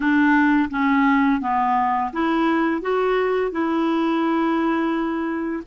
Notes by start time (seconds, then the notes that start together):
0.00 D4
0.70 C#4
1.41 B3
2.12 E4
2.81 F#4
3.51 E4